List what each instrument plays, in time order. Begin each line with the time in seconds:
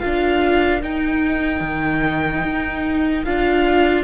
0.00 cello D4, viola F4, violin A#4 F5
0.82 cello D#4, viola D#4, violin G5
1.61 cello D#3
2.44 cello D#4
3.25 cello D4, viola F4, violin F5